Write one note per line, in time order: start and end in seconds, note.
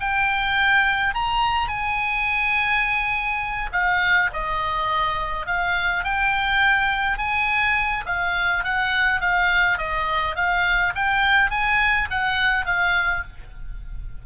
0.00 1.15 G5
1.15 1.68 A#5
1.68 3.70 G#5
3.72 4.30 F5
4.33 5.47 D#5
5.47 6.04 F5
6.04 7.18 G5
7.18 8.05 G#5
8.06 8.64 F5
8.64 9.21 F#5
9.21 9.78 F5
9.78 10.36 D#5
10.36 10.93 F5
10.95 11.50 G5
11.50 12.08 G#5
12.10 12.66 F#5
12.66 13.23 F5